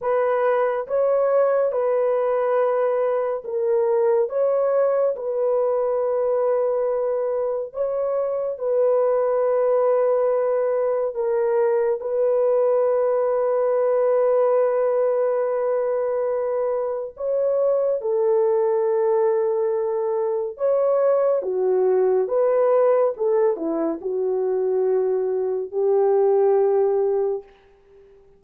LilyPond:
\new Staff \with { instrumentName = "horn" } { \time 4/4 \tempo 4 = 70 b'4 cis''4 b'2 | ais'4 cis''4 b'2~ | b'4 cis''4 b'2~ | b'4 ais'4 b'2~ |
b'1 | cis''4 a'2. | cis''4 fis'4 b'4 a'8 e'8 | fis'2 g'2 | }